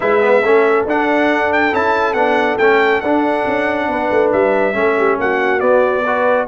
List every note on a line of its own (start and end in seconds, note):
0.00 0.44 G#3
0.00 0.20 E4
0.00 0.41 B4
0.00 0.85 E5
0.20 0.42 B3
0.42 0.85 A3
0.42 0.88 C#4
0.42 3.87 A4
0.85 1.71 D4
0.85 1.52 F#5
1.52 1.74 G5
1.71 2.13 C#4
1.71 2.15 E4
1.71 2.13 A5
2.13 2.56 B3
2.13 2.59 D4
2.13 2.56 F#5
2.57 3.01 A3
2.57 3.03 C#4
2.57 3.00 G5
3.00 3.45 D4
3.00 4.73 D4
3.00 4.30 F#5
3.46 3.87 C#4
3.87 4.09 B3
3.87 4.76 B4
4.10 4.32 A3
4.32 4.74 G3
4.32 5.18 E5
4.73 5.17 A3
4.73 5.59 C#4
4.73 4.97 A4
4.97 5.19 G4
5.18 5.61 A#3
5.18 6.03 F#4
5.18 5.60 F#5
5.60 6.03 B3
5.60 6.47 B3
5.60 6.46 D5
6.03 6.47 F#4
6.03 6.46 B4